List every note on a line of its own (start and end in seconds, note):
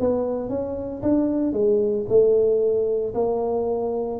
0.00 0.49 B3
0.49 1.02 C#4
1.02 1.53 D4
1.53 2.05 G#3
2.08 3.14 A3
3.14 4.19 A#3